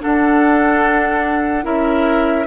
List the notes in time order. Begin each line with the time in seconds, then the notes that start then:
0.00 D4 A4 F#5
1.63 C#4 E4 A#4 E5